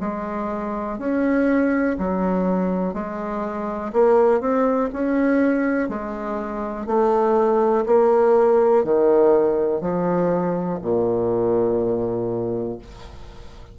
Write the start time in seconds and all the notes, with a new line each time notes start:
0.00 G#3
0.98 C#4
1.99 F#3
2.94 G#3
3.93 A#3
4.40 C4
4.93 C#4
5.89 G#3
6.87 A3
7.86 A#3
8.84 D#3
9.81 F3
10.82 A#2